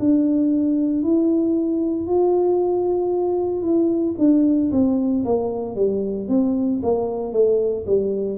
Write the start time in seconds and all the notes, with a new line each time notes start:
0.00 D4
1.04 E4
2.08 F4
3.63 E4
4.19 D4
4.72 C4
5.25 A#3
5.76 G3
6.29 C4
6.83 A#3
7.33 A3
7.87 G3